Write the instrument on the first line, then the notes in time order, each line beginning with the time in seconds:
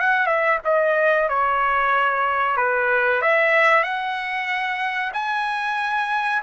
trumpet
0.00 F#5
0.27 E5
0.65 D#5
1.29 C#5
2.57 B4
3.22 E5
3.83 F#5
5.13 G#5